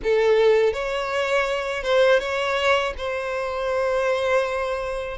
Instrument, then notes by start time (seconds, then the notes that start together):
violin
0.03 A4
0.73 C#5
1.83 C5
2.19 C#5
2.97 C5